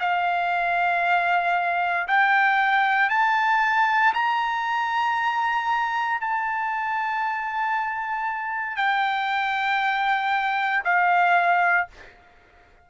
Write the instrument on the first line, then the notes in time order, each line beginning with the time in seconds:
trumpet
0.00 F5
2.07 G5
3.09 A5
4.13 A#5
6.20 A5
8.76 G5
10.84 F5